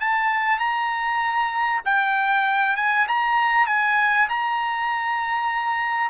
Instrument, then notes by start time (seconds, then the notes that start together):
trumpet
0.00 A5
0.59 A#5
1.85 G5
2.76 G#5
3.08 A#5
3.67 G#5
4.29 A#5